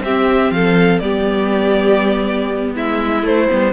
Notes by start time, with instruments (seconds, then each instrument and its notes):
0.00 cello C4, violin G4 E5
0.06 viola C4
0.50 cello F3, violin A4 F5
0.99 cello G3, viola B3, violin G4 D5
2.74 cello G#3, violin E4 E5
3.23 cello A3, viola A3, violin C5
3.49 cello G3, viola B3